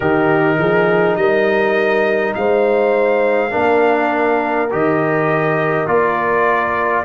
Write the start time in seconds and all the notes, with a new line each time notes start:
0.00 D#3 D#4 G4 A#4
0.58 F3 G#4
1.16 G3 A#4 D#5
2.34 G#3 C5 F5
3.50 A#3 D4 A#4
4.70 D#3 G4 D#5
5.86 A#3 F4 D5